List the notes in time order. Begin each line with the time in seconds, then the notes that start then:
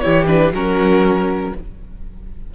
0.00 E3 E4 G4 C#5
0.27 D4 B4
0.52 F#3 C#4 F#4 A#4